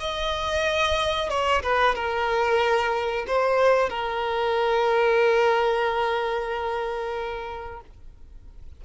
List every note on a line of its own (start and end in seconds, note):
0.00 1.30 D#5
1.30 1.62 C#5
1.63 1.95 B4
1.95 3.26 A#4
3.27 3.90 C5
3.90 7.81 A#4